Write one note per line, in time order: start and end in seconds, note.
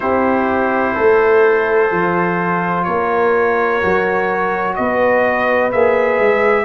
0.00 0.96 C4
0.00 1.90 E4
0.00 0.94 G4
0.00 2.84 C5
0.94 1.91 A3
0.94 2.85 A4
1.91 2.86 F3
1.91 3.81 F4
2.84 3.82 A#3
2.84 4.76 A#4
2.84 4.74 C#5
3.81 4.78 F#3
3.81 5.72 F#4
4.75 5.73 B3
4.75 6.64 B4
4.75 5.71 D#5
5.71 6.19 A#3
5.71 6.64 G#4
5.71 6.64 E5
6.19 6.64 G#3